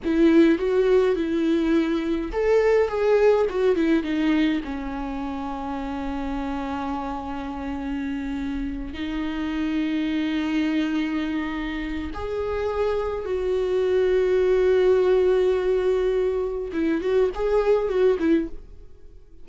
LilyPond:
\new Staff \with { instrumentName = "viola" } { \time 4/4 \tempo 4 = 104 e'4 fis'4 e'2 | a'4 gis'4 fis'8 e'8 dis'4 | cis'1~ | cis'2.~ cis'8 dis'8~ |
dis'1~ | dis'4 gis'2 fis'4~ | fis'1~ | fis'4 e'8 fis'8 gis'4 fis'8 e'8 | }